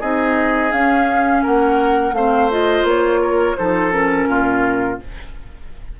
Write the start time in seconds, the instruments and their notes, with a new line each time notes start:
0.00 bassoon C4, clarinet D#4, oboe G#4, flute D#5
0.71 clarinet C#4, bassoon C#4, flute F5
1.42 bassoon A#3, oboe A#4, flute F#5
2.12 bassoon A3, clarinet C4, oboe C5, flute F5
2.50 clarinet F4, flute D#5
2.83 bassoon A#3, flute C#5
3.21 oboe A#4
3.56 bassoon F3, clarinet D#4, oboe A4, flute C5
3.91 clarinet C#4, flute A#4
4.27 bassoon A#2, oboe F4